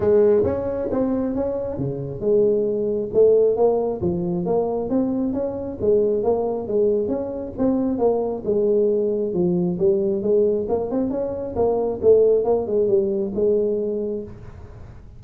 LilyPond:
\new Staff \with { instrumentName = "tuba" } { \time 4/4 \tempo 4 = 135 gis4 cis'4 c'4 cis'4 | cis4 gis2 a4 | ais4 f4 ais4 c'4 | cis'4 gis4 ais4 gis4 |
cis'4 c'4 ais4 gis4~ | gis4 f4 g4 gis4 | ais8 c'8 cis'4 ais4 a4 | ais8 gis8 g4 gis2 | }